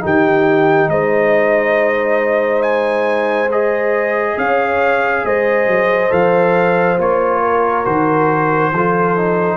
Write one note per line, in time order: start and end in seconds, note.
0.00 0.88 D#3
0.00 3.48 D#4
0.00 0.90 G4
0.06 0.90 G5
0.88 4.36 G#3
0.88 4.39 C5
0.88 2.62 D#5
2.62 3.49 G#5
3.51 6.10 G#4
3.51 4.38 D#5
4.37 5.24 C#4
4.37 5.25 C#5
4.37 5.25 F5
5.25 5.67 G#3
5.25 7.42 C5
5.25 6.12 D#5
5.67 6.11 F#3
6.10 6.99 F3
6.10 6.97 A4
6.10 6.99 F5
6.98 7.86 A#3
6.98 7.85 F4
6.98 7.85 C#5
7.42 8.72 A#4
7.85 8.72 D#3
7.85 8.72 F#4
7.85 9.57 C5
8.72 9.57 F3
8.72 9.17 F4
8.72 9.57 A4
9.17 9.57 D#4